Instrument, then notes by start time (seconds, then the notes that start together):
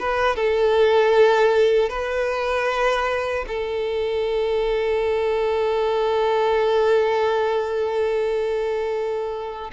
violin
0.00 B4
0.36 A4
1.89 B4
3.48 A4